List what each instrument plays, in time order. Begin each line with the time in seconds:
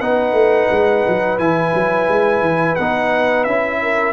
0.00 tuba B3, trombone D#4, horn B4, trumpet F#5
0.32 tuba A3
0.71 tuba G#3
1.07 tuba F#3
1.38 tuba E3, trombone E4, trumpet G#5
1.74 tuba F#3
2.08 tuba G#3
2.41 tuba E3
2.75 tuba B3, trombone D#4, trumpet F#5
3.44 tuba C#4, trombone E4, trumpet E5
3.82 horn A#4